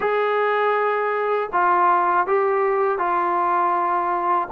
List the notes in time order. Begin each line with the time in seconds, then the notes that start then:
0.00 G#4
1.52 F4
2.26 G4
2.98 F4